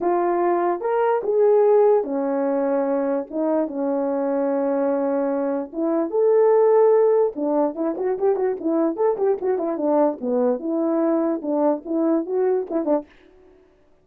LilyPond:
\new Staff \with { instrumentName = "horn" } { \time 4/4 \tempo 4 = 147 f'2 ais'4 gis'4~ | gis'4 cis'2. | dis'4 cis'2.~ | cis'2 e'4 a'4~ |
a'2 d'4 e'8 fis'8 | g'8 fis'8 e'4 a'8 g'8 fis'8 e'8 | d'4 b4 e'2 | d'4 e'4 fis'4 e'8 d'8 | }